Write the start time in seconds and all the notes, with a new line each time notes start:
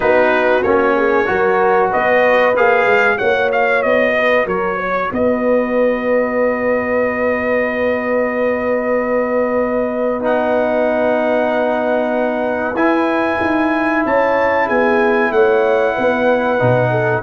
0.00 B3 D#4 F#4 B4
0.62 A#3 C#4 C#5
0.95 G#4
1.25 F#3 F#4 A#4
1.89 B3 B4 D#5
2.56 A#3 G#4 F5
2.86 G#3
3.17 A#3 F#4 C#5 F#5
3.52 F5
3.82 B3 D#5
4.15 B4
4.45 F#3 A#4 C#5
4.77 C#5
5.11 B3 B4 D#5
10.19 D#4 F#5
12.74 E4 G#5
13.40 D#4
14.05 C#4 C#5 A5
14.66 B3 G#4 G#5
15.31 A3 C#5 F#5
15.95 B3 B4
16.59 B2 D#4
16.91 A4